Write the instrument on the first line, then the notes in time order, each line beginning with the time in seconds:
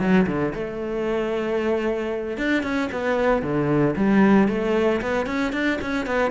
cello
0.00 F#3
0.27 D3
0.54 A3
2.38 D4
2.63 C#4
2.92 B3
3.43 D3
3.96 G3
4.49 A3
5.02 B3
5.27 C#4
5.53 D4
5.82 C#4
6.06 B3